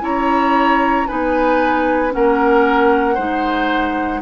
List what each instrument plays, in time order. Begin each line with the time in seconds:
0.00 bassoon C#4, clarinet E4, oboe C#5, flute A#5
1.07 bassoon B3, clarinet D#4, oboe B4, flute G#5
2.11 bassoon A#3, clarinet C#4, oboe A#4, flute F#5
3.14 bassoon G#3, clarinet D#4, oboe C5